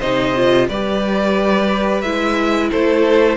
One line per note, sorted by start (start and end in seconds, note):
0.00 0.69 C3
0.00 0.36 D#4
0.00 0.67 C5
0.00 0.68 D#5
0.36 0.70 F4
0.68 2.03 G3
0.68 2.05 G4
0.68 2.71 B4
0.68 2.02 D5
2.02 2.71 G#3
2.02 3.37 E4
2.02 2.69 E5
2.71 3.37 A3
2.71 3.37 A4
2.71 3.37 C5